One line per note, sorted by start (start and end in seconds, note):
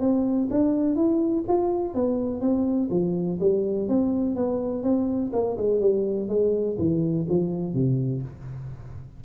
0.00 0.48 C4
0.51 0.96 D4
0.96 1.44 E4
1.48 1.94 F4
1.94 2.41 B3
2.41 2.89 C4
2.91 3.39 F3
3.40 3.88 G3
3.88 4.36 C4
4.36 4.83 B3
4.83 5.31 C4
5.33 5.57 A#3
5.57 5.80 G#3
5.80 6.28 G3
6.28 6.77 G#3
6.78 7.27 E3
7.29 7.74 F3
7.74 8.22 C3